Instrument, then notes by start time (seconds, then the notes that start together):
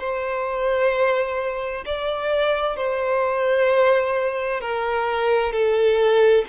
violin
0.00 C5
1.86 D5
2.77 C5
4.61 A#4
5.53 A4